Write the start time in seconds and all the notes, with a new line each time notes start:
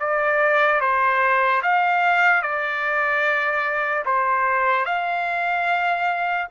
0.00 D5
0.81 C5
1.63 F5
2.43 D5
4.06 C5
4.86 F5